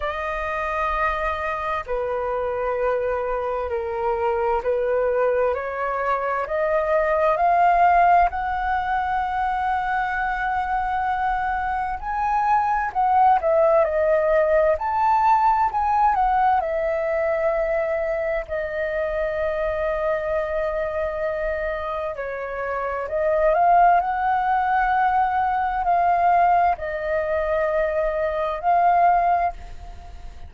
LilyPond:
\new Staff \with { instrumentName = "flute" } { \time 4/4 \tempo 4 = 65 dis''2 b'2 | ais'4 b'4 cis''4 dis''4 | f''4 fis''2.~ | fis''4 gis''4 fis''8 e''8 dis''4 |
a''4 gis''8 fis''8 e''2 | dis''1 | cis''4 dis''8 f''8 fis''2 | f''4 dis''2 f''4 | }